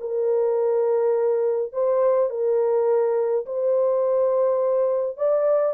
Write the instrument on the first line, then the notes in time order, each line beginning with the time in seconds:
horn
0.00 A#4
1.73 C5
2.30 A#4
3.46 C5
5.17 D5